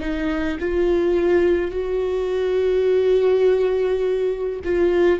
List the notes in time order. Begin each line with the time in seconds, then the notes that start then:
0.00 D#4
0.60 F4
1.72 F#4
4.65 F4